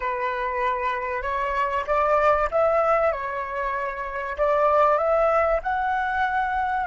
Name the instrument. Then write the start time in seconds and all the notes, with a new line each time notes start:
flute
0.00 B4
1.22 C#5
1.86 D5
2.51 E5
3.11 C#5
4.37 D5
4.97 E5
5.62 F#5